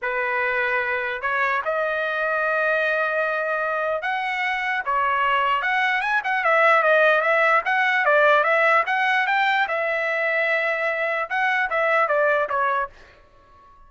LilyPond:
\new Staff \with { instrumentName = "trumpet" } { \time 4/4 \tempo 4 = 149 b'2. cis''4 | dis''1~ | dis''2 fis''2 | cis''2 fis''4 gis''8 fis''8 |
e''4 dis''4 e''4 fis''4 | d''4 e''4 fis''4 g''4 | e''1 | fis''4 e''4 d''4 cis''4 | }